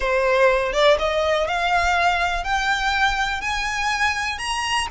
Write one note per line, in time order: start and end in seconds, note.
0.00 0.73 C5
0.73 0.97 D5
0.98 1.47 D#5
1.47 2.44 F5
2.44 3.41 G5
3.41 4.38 G#5
4.38 4.87 A#5